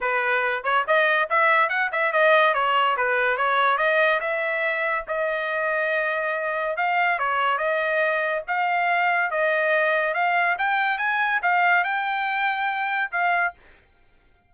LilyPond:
\new Staff \with { instrumentName = "trumpet" } { \time 4/4 \tempo 4 = 142 b'4. cis''8 dis''4 e''4 | fis''8 e''8 dis''4 cis''4 b'4 | cis''4 dis''4 e''2 | dis''1 |
f''4 cis''4 dis''2 | f''2 dis''2 | f''4 g''4 gis''4 f''4 | g''2. f''4 | }